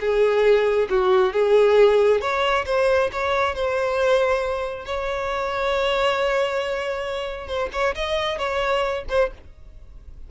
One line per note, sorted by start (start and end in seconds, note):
0.00 0.88 G#4
0.90 1.33 F#4
1.33 2.21 G#4
2.21 2.65 C#5
2.66 3.10 C5
3.12 3.55 C#5
3.55 4.85 C5
4.85 7.47 C#5
7.47 7.69 C5
7.73 7.95 C#5
7.95 8.38 D#5
8.38 9.04 C#5
9.09 9.31 C5